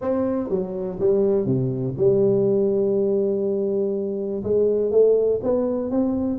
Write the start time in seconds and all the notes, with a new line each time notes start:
0.01 C4
0.49 F#3
0.99 G3
1.45 C3
1.97 G3
4.43 G#3
4.91 A3
5.43 B3
5.90 C4